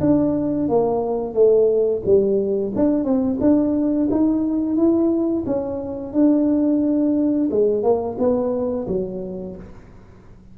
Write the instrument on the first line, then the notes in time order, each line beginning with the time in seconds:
tuba
0.00 D4
0.68 A#3
1.33 A3
2.05 G3
2.75 D4
3.04 C4
3.40 D4
4.11 D#4
4.76 E4
5.46 C#4
6.12 D4
7.51 G#3
7.83 A#3
8.18 B3
8.87 F#3